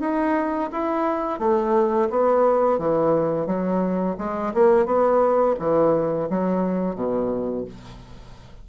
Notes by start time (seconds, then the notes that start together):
0.00 D#4
0.72 E4
1.39 A3
2.10 B3
2.78 E3
3.46 F#3
4.18 G#3
4.54 A#3
4.85 B3
5.59 E3
6.29 F#3
6.95 B2